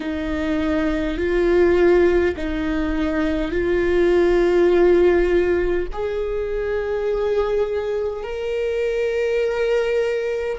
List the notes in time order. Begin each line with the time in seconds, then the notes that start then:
0.00 D#4
1.17 F4
2.36 D#4
3.51 F4
5.92 G#4
8.23 A#4